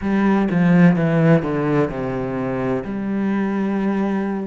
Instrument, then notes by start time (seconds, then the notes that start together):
cello
0.01 G3
0.51 F3
0.95 E3
1.42 D3
1.90 C3
2.84 G3